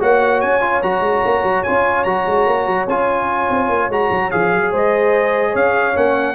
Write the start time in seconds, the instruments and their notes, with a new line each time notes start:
0.00 tuba A#3, trombone F#4, horn C#5, trumpet F#5
0.41 tuba C#4, trumpet G#5
0.61 trombone F4
0.82 tuba F#3, trombone F#4, trumpet A#5
1.01 tuba G#3
1.25 tuba A#3
1.43 tuba F#3
1.63 tuba C#4, trombone F4, trumpet G#5
2.04 tuba F#3, trombone F#4, trumpet A#5
2.26 tuba G#3
2.46 tuba A#3
2.67 tuba F#3
2.87 tuba C#4, trombone F4, trumpet G#5
3.50 tuba C4
3.69 tuba A#3
3.89 tuba G#3, trombone F#4, trumpet A#5
4.11 tuba F#3
4.31 tuba F3, trombone G#4, trumpet F5
4.54 tuba F#3
4.71 tuba G#3, horn C5, trumpet D#5
5.51 tuba C#4, horn C#5, trumpet F5
5.94 tuba A#3, trombone C#4, trumpet F#5